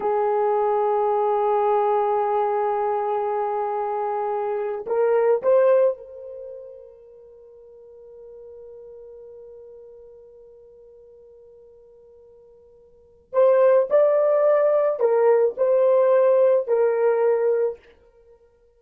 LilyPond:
\new Staff \with { instrumentName = "horn" } { \time 4/4 \tempo 4 = 108 gis'1~ | gis'1~ | gis'8. ais'4 c''4 ais'4~ ais'16~ | ais'1~ |
ais'1~ | ais'1 | c''4 d''2 ais'4 | c''2 ais'2 | }